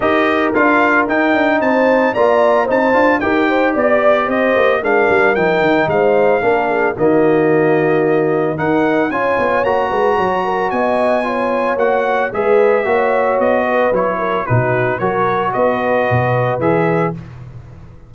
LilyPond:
<<
  \new Staff \with { instrumentName = "trumpet" } { \time 4/4 \tempo 4 = 112 dis''4 f''4 g''4 a''4 | ais''4 a''4 g''4 d''4 | dis''4 f''4 g''4 f''4~ | f''4 dis''2. |
fis''4 gis''4 ais''2 | gis''2 fis''4 e''4~ | e''4 dis''4 cis''4 b'4 | cis''4 dis''2 e''4 | }
  \new Staff \with { instrumentName = "horn" } { \time 4/4 ais'2. c''4 | d''4 c''4 ais'8 c''8 d''4 | c''4 ais'2 c''4 | ais'8 gis'8 fis'2. |
ais'4 cis''4. b'8 cis''8 ais'8 | dis''4 cis''2 b'4 | cis''4. b'4 ais'8 fis'4 | ais'4 b'2. | }
  \new Staff \with { instrumentName = "trombone" } { \time 4/4 g'4 f'4 dis'2 | f'4 dis'8 f'8 g'2~ | g'4 d'4 dis'2 | d'4 ais2. |
dis'4 f'4 fis'2~ | fis'4 f'4 fis'4 gis'4 | fis'2 e'4 dis'4 | fis'2. gis'4 | }
  \new Staff \with { instrumentName = "tuba" } { \time 4/4 dis'4 d'4 dis'8 d'8 c'4 | ais4 c'8 d'8 dis'4 b4 | c'8 ais8 gis8 g8 f8 dis8 gis4 | ais4 dis2. |
dis'4 cis'8 b8 ais8 gis8 fis4 | b2 ais4 gis4 | ais4 b4 fis4 b,4 | fis4 b4 b,4 e4 | }
>>